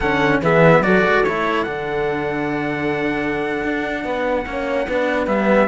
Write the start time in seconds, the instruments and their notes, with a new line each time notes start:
0.00 cello D3 C#4, horn A4, trumpet F#5
0.41 cello E3 B3, horn G#4, trumpet E5
0.80 cello F#3 F#4, horn A4, trumpet D5
1.06 cello G#3
1.24 cello A3 E4, trumpet C#5
1.63 cello D3 D4, trumpet F#5
3.63 cello D4
4.04 cello B3, horn B4
4.46 cello A#3 C#4, horn C#5
4.87 cello B3 D4, horn B4
5.26 cello G3 B3, trumpet E5